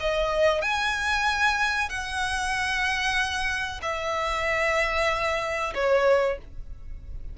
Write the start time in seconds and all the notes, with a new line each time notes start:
0.00 D#5
0.62 G#5
1.89 F#5
3.82 E5
5.74 C#5